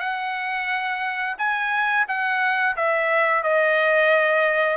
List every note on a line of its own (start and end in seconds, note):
0.00 1.36 F#5
1.38 2.06 G#5
2.08 2.76 F#5
2.77 3.43 E5
3.43 4.77 D#5